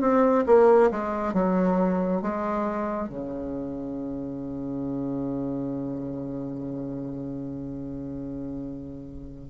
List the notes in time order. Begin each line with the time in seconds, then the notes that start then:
0.00 C4
0.46 A#3
0.91 G#3
1.33 F#3
2.21 G#3
3.08 C#3